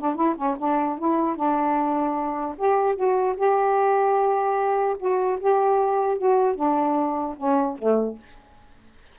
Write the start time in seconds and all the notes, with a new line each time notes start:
0.00 D4
0.15 E4
0.36 C#4
0.58 D4
0.98 E4
1.36 D4
2.57 G4
2.95 F#4
3.37 G4
4.99 F#4
5.40 G4
6.18 F#4
6.55 D4
7.37 C#4
7.78 A3